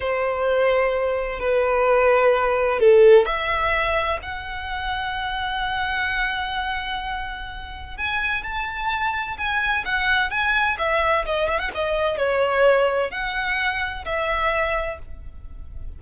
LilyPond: \new Staff \with { instrumentName = "violin" } { \time 4/4 \tempo 4 = 128 c''2. b'4~ | b'2 a'4 e''4~ | e''4 fis''2.~ | fis''1~ |
fis''4 gis''4 a''2 | gis''4 fis''4 gis''4 e''4 | dis''8 e''16 fis''16 dis''4 cis''2 | fis''2 e''2 | }